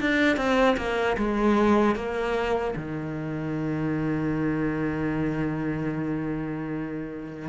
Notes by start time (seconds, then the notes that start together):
0.00 D4
0.37 C4
0.77 A#3
1.17 G#3
1.95 A#3
2.76 D#3